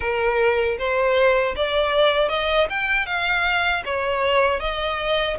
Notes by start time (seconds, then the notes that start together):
0.00 A#4
0.78 C5
1.56 D5
2.28 D#5
2.69 G5
3.06 F5
3.85 C#5
4.60 D#5